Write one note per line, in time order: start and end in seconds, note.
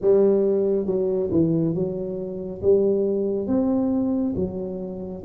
0.01 0.86 G3
0.86 1.29 F#3
1.31 1.74 E3
1.74 2.61 F#3
2.61 3.47 G3
3.47 4.34 C4
4.35 5.22 F#3